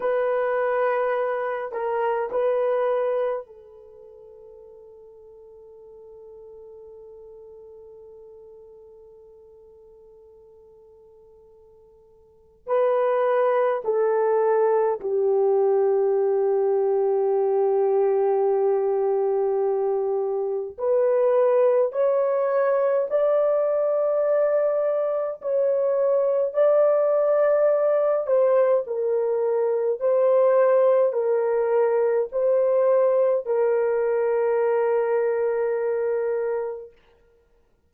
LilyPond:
\new Staff \with { instrumentName = "horn" } { \time 4/4 \tempo 4 = 52 b'4. ais'8 b'4 a'4~ | a'1~ | a'2. b'4 | a'4 g'2.~ |
g'2 b'4 cis''4 | d''2 cis''4 d''4~ | d''8 c''8 ais'4 c''4 ais'4 | c''4 ais'2. | }